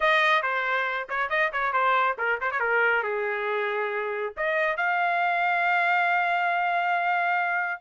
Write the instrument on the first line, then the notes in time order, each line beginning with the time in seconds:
trumpet
0.00 D#5
0.42 C5
1.09 C#5
1.29 D#5
1.52 C#5
1.72 C5
2.17 A#4
2.40 C5
2.51 C#5
2.59 A#4
3.03 G#4
4.36 D#5
4.76 F5